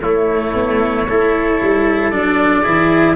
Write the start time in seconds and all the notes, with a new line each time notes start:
0.00 A3 E4 C#5
0.53 B3
1.07 A3 E4 A4
1.62 G3
2.10 F#3 D4 D5
2.62 E3 E4 G#4